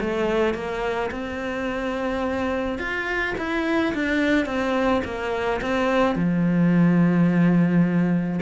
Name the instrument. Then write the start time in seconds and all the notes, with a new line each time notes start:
cello
0.00 A3
0.54 A#3
1.11 C4
2.79 F4
3.38 E4
3.94 D4
4.46 C4
5.04 A#3
5.62 C4
6.15 F3